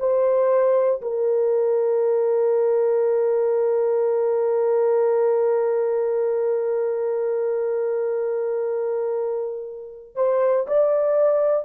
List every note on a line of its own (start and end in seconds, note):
0.00 1.02 C5
1.02 10.16 A#4
10.16 10.66 C5
10.67 11.65 D5